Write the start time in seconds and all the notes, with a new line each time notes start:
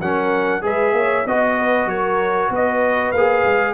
0.00 F#3 C#4 A#4 F#5
0.61 G#3 G#4 B4 E5
0.93 A#3 C#5
1.26 B3 F#4 D#5
1.58 B4
1.85 F#3 A#4 C#5
2.50 B3 B4 D#5
3.11 A#3 G#4 F5
3.44 G#3